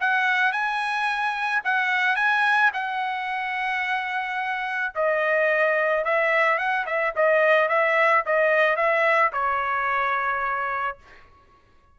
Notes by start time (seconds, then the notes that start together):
0.00 F#5
0.52 G#5
1.64 F#5
2.16 G#5
2.73 F#5
4.95 D#5
6.05 E5
6.58 F#5
6.86 E5
7.15 D#5
7.68 E5
8.25 D#5
8.76 E5
9.33 C#5